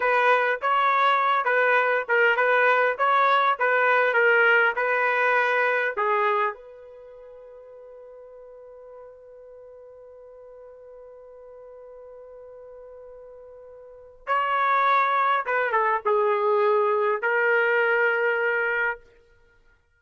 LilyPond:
\new Staff \with { instrumentName = "trumpet" } { \time 4/4 \tempo 4 = 101 b'4 cis''4. b'4 ais'8 | b'4 cis''4 b'4 ais'4 | b'2 gis'4 b'4~ | b'1~ |
b'1~ | b'1 | cis''2 b'8 a'8 gis'4~ | gis'4 ais'2. | }